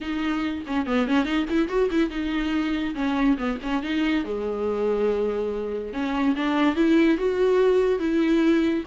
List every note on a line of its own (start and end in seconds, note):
0.00 0.64 D#4
0.66 0.86 C#4
0.86 1.07 B3
1.07 1.24 C#4
1.24 1.45 D#4
1.49 1.68 E4
1.68 1.89 F#4
1.90 2.09 E4
2.09 2.94 D#4
2.94 3.37 C#4
3.37 3.58 B3
3.62 3.82 C#4
3.82 4.24 D#4
4.24 5.93 G#3
5.93 6.35 C#4
6.36 6.75 D4
6.75 7.17 E4
7.17 7.99 F#4
7.99 8.83 E4